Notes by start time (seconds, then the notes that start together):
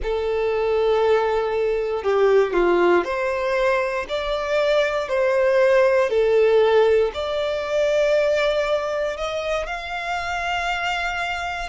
0.02 A4
2.03 G4
2.53 F4
3.04 C5
4.08 D5
5.08 C5
6.09 A4
7.14 D5
9.17 D#5
9.66 F5